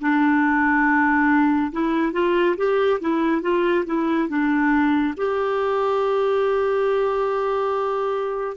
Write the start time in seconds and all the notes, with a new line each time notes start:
0.00 D4
1.72 E4
2.12 F4
2.57 G4
3.00 E4
3.42 F4
3.86 E4
4.29 D4
5.17 G4